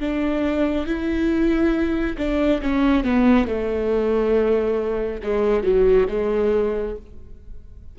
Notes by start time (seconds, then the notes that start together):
0.00 D4
0.86 E4
2.18 D4
2.62 C#4
3.04 B3
3.47 A3
5.23 G#3
5.64 F#3
6.09 G#3